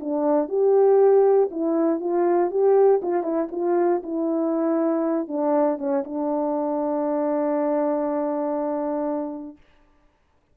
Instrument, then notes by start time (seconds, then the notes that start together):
horn
0.00 D4
0.48 G4
1.51 E4
2.00 F4
2.50 G4
3.02 F4
3.23 E4
3.51 F4
4.03 E4
5.28 D4
5.78 C#4
6.04 D4